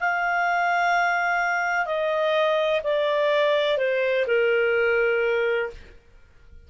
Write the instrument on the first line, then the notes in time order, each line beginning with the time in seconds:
clarinet
0.00 F5
1.85 D#5
2.84 D5
3.77 C5
4.27 A#4